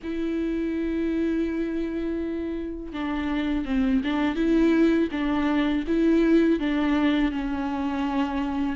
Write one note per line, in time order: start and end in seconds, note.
0.03 2.92 E4
2.92 3.65 D4
3.65 4.01 C4
4.03 4.35 D4
4.35 5.09 E4
5.11 5.84 D4
5.87 6.59 E4
6.59 7.31 D4
7.31 8.76 C#4